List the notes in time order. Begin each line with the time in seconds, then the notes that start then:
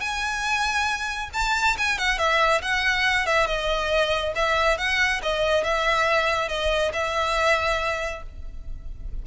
0.00 G#5
1.33 A5
1.77 G#5
1.98 F#5
2.18 E5
2.62 F#5
3.26 E5
3.46 D#5
4.35 E5
4.78 F#5
5.22 D#5
5.63 E5
6.48 D#5
6.93 E5